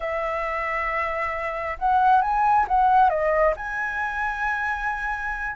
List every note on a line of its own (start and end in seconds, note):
0.00 1.77 E5
1.78 2.21 F#5
2.21 2.66 G#5
2.68 3.09 F#5
3.09 3.54 D#5
3.56 5.56 G#5